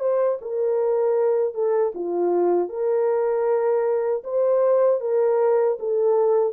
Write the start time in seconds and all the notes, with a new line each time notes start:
0.00 C5
0.41 A#4
1.54 A4
1.95 F4
2.69 A#4
4.24 C5
5.01 A#4
5.79 A4